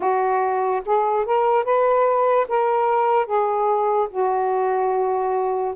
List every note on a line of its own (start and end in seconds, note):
0.00 0.81 F#4
0.85 1.25 G#4
1.25 1.64 A#4
1.64 2.46 B4
2.48 3.25 A#4
3.25 4.08 G#4
4.10 5.74 F#4